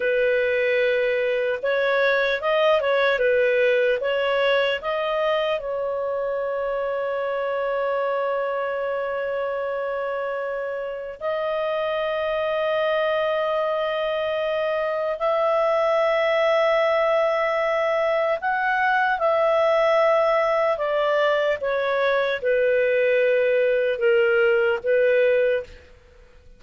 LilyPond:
\new Staff \with { instrumentName = "clarinet" } { \time 4/4 \tempo 4 = 75 b'2 cis''4 dis''8 cis''8 | b'4 cis''4 dis''4 cis''4~ | cis''1~ | cis''2 dis''2~ |
dis''2. e''4~ | e''2. fis''4 | e''2 d''4 cis''4 | b'2 ais'4 b'4 | }